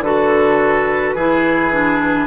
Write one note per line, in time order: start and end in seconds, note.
0.00 1.13 D3
0.00 1.17 F#4
0.00 1.15 A4
0.00 2.27 B4
1.15 2.27 E3
1.15 1.72 E4
1.15 2.27 G#4
1.72 2.27 D4